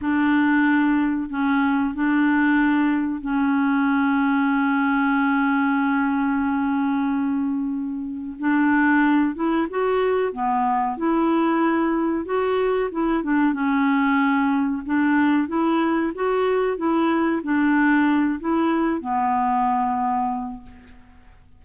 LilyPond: \new Staff \with { instrumentName = "clarinet" } { \time 4/4 \tempo 4 = 93 d'2 cis'4 d'4~ | d'4 cis'2.~ | cis'1~ | cis'4 d'4. e'8 fis'4 |
b4 e'2 fis'4 | e'8 d'8 cis'2 d'4 | e'4 fis'4 e'4 d'4~ | d'8 e'4 b2~ b8 | }